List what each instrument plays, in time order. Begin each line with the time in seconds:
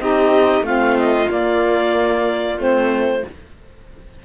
0.00 cello C4, saxophone D#4, violin G4, clarinet D#5
0.61 cello A3, saxophone C4, violin F4, clarinet F5
0.98 clarinet D#5
1.27 saxophone A#3, cello A#3, clarinet D5
2.58 cello A3, saxophone C4, clarinet C5